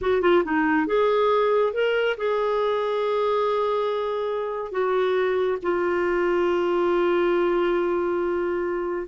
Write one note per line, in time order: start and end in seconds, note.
0.01 0.21 F#4
0.21 0.43 F4
0.44 0.86 D#4
0.86 1.73 G#4
1.73 2.16 A#4
2.17 4.71 G#4
4.71 5.57 F#4
5.62 9.07 F4